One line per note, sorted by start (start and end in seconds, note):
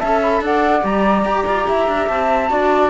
0.00 0.41 C#4
0.00 0.82 A4
0.00 0.42 E5
0.00 0.21 A5
0.23 0.44 B5
0.41 0.83 D4
0.41 1.68 D5
0.41 0.85 F#5
0.82 1.25 G3
0.82 2.47 G4
0.82 2.08 A#5
1.26 1.46 G4
1.47 1.68 F4
1.68 1.88 E4
1.68 2.51 E5
1.88 2.09 D4
2.08 2.51 C4
2.08 2.90 A5
2.50 2.90 D4
2.50 2.90 F#4
2.50 2.90 D5